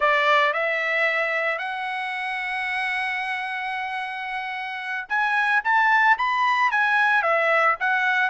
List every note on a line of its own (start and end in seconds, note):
0.00 0.53 D5
0.53 1.58 E5
1.58 5.06 F#5
5.08 5.62 G#5
5.63 6.17 A5
6.18 6.71 B5
6.71 7.22 G#5
7.22 7.76 E5
7.80 8.29 F#5